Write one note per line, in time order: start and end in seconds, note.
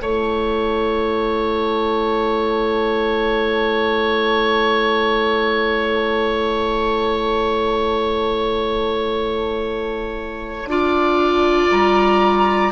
0.00 10.66 A3
0.00 10.69 E4
0.00 10.69 C#5
0.00 11.70 A5
10.66 11.68 D4
10.66 12.72 F4
10.66 12.72 D5
11.70 12.72 G3
11.70 12.72 A#5